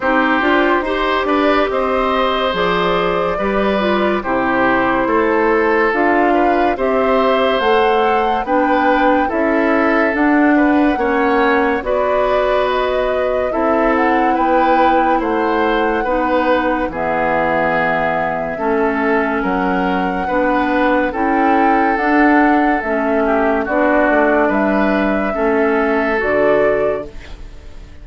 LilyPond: <<
  \new Staff \with { instrumentName = "flute" } { \time 4/4 \tempo 4 = 71 c''4. d''8 dis''4 d''4~ | d''4 c''2 f''4 | e''4 fis''4 g''4 e''4 | fis''2 d''4 dis''4 |
e''8 fis''8 g''4 fis''2 | e''2. fis''4~ | fis''4 g''4 fis''4 e''4 | d''4 e''2 d''4 | }
  \new Staff \with { instrumentName = "oboe" } { \time 4/4 g'4 c''8 b'8 c''2 | b'4 g'4 a'4. b'8 | c''2 b'4 a'4~ | a'8 b'8 cis''4 b'2 |
a'4 b'4 c''4 b'4 | gis'2 a'4 ais'4 | b'4 a'2~ a'8 g'8 | fis'4 b'4 a'2 | }
  \new Staff \with { instrumentName = "clarinet" } { \time 4/4 dis'8 f'8 g'2 gis'4 | g'8 f'8 e'2 f'4 | g'4 a'4 d'4 e'4 | d'4 cis'4 fis'2 |
e'2. dis'4 | b2 cis'2 | d'4 e'4 d'4 cis'4 | d'2 cis'4 fis'4 | }
  \new Staff \with { instrumentName = "bassoon" } { \time 4/4 c'8 d'8 dis'8 d'8 c'4 f4 | g4 c4 a4 d'4 | c'4 a4 b4 cis'4 | d'4 ais4 b2 |
c'4 b4 a4 b4 | e2 a4 fis4 | b4 cis'4 d'4 a4 | b8 a8 g4 a4 d4 | }
>>